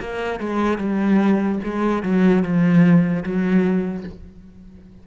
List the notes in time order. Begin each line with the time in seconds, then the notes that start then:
0.00 A#3
0.39 G#3
0.78 G3
1.64 G#3
2.03 F#3
2.43 F3
3.23 F#3